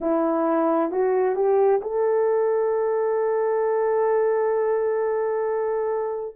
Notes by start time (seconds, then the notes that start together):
0.00 E4
0.91 F#4
1.35 G4
1.81 A4